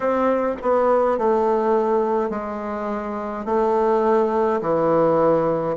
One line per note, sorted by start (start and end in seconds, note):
0.00 0.55 C4
0.62 1.18 B3
1.18 2.30 A3
2.30 3.45 G#3
3.45 4.60 A3
4.61 5.76 E3